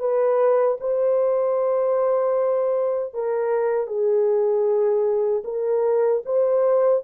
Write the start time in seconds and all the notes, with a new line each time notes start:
0.00 B4
0.80 C5
3.14 A#4
3.87 G#4
5.45 A#4
6.26 C5